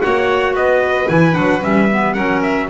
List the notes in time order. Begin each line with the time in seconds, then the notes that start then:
0.00 A#3 F#4 C#5 F#5
0.54 B3 B4 D#5
1.07 E3 E4 G#5
1.32 F#3 D4 F#5
1.60 G3 C#4 E5
1.92 B3
2.13 F#3 C#4 A#4 F#5
2.42 E5